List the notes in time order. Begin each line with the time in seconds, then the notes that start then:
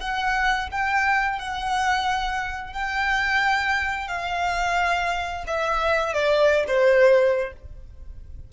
0.00 F#5
0.71 G5
1.39 F#5
2.73 G5
4.08 F5
5.47 E5
6.13 D5
6.67 C5